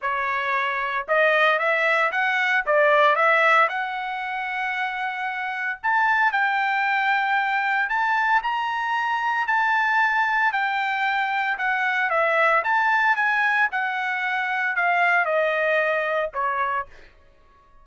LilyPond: \new Staff \with { instrumentName = "trumpet" } { \time 4/4 \tempo 4 = 114 cis''2 dis''4 e''4 | fis''4 d''4 e''4 fis''4~ | fis''2. a''4 | g''2. a''4 |
ais''2 a''2 | g''2 fis''4 e''4 | a''4 gis''4 fis''2 | f''4 dis''2 cis''4 | }